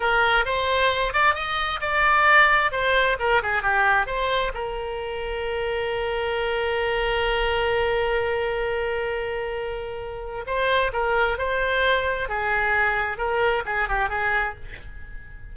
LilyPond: \new Staff \with { instrumentName = "oboe" } { \time 4/4 \tempo 4 = 132 ais'4 c''4. d''8 dis''4 | d''2 c''4 ais'8 gis'8 | g'4 c''4 ais'2~ | ais'1~ |
ais'1~ | ais'2. c''4 | ais'4 c''2 gis'4~ | gis'4 ais'4 gis'8 g'8 gis'4 | }